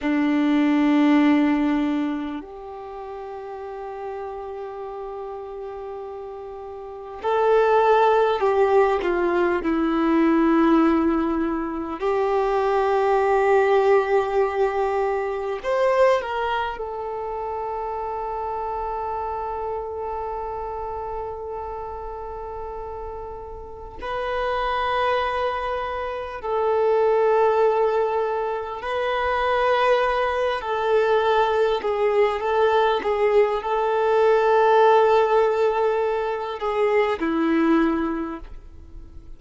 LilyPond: \new Staff \with { instrumentName = "violin" } { \time 4/4 \tempo 4 = 50 d'2 g'2~ | g'2 a'4 g'8 f'8 | e'2 g'2~ | g'4 c''8 ais'8 a'2~ |
a'1 | b'2 a'2 | b'4. a'4 gis'8 a'8 gis'8 | a'2~ a'8 gis'8 e'4 | }